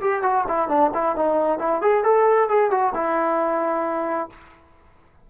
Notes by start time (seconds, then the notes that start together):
0.00 G4
0.22 F#4
0.47 E4
0.68 D4
0.94 E4
1.16 D#4
1.59 E4
1.81 G#4
2.03 A4
2.49 G#4
2.70 F#4
2.94 E4